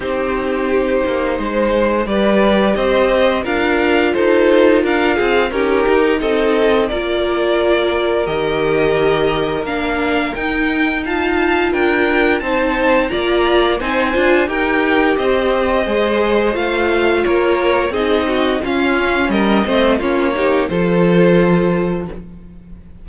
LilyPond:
<<
  \new Staff \with { instrumentName = "violin" } { \time 4/4 \tempo 4 = 87 c''2. d''4 | dis''4 f''4 c''4 f''4 | ais'4 dis''4 d''2 | dis''2 f''4 g''4 |
a''4 g''4 a''4 ais''4 | gis''4 g''4 dis''2 | f''4 cis''4 dis''4 f''4 | dis''4 cis''4 c''2 | }
  \new Staff \with { instrumentName = "violin" } { \time 4/4 g'2 c''4 b'4 | c''4 ais'4 a'4 ais'8 gis'8 | g'4 a'4 ais'2~ | ais'1 |
f''4 ais'4 c''4 d''4 | c''4 ais'4 c''2~ | c''4 ais'4 gis'8 fis'8 f'4 | ais'8 c''8 f'8 g'8 a'2 | }
  \new Staff \with { instrumentName = "viola" } { \time 4/4 dis'2. g'4~ | g'4 f'2. | dis'2 f'2 | g'2 d'4 dis'4 |
f'2 dis'4 f'4 | dis'8 f'8 g'2 gis'4 | f'2 dis'4 cis'4~ | cis'8 c'8 cis'8 dis'8 f'2 | }
  \new Staff \with { instrumentName = "cello" } { \time 4/4 c'4. ais8 gis4 g4 | c'4 d'4 dis'4 d'8 c'8 | cis'8 dis'8 c'4 ais2 | dis2 ais4 dis'4~ |
dis'4 d'4 c'4 ais4 | c'8 d'8 dis'4 c'4 gis4 | a4 ais4 c'4 cis'4 | g8 a8 ais4 f2 | }
>>